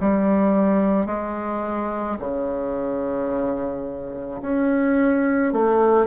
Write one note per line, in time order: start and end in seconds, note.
0.00 1.06 G3
1.06 2.17 G#3
2.19 4.41 C#3
4.41 5.53 C#4
5.53 6.07 A3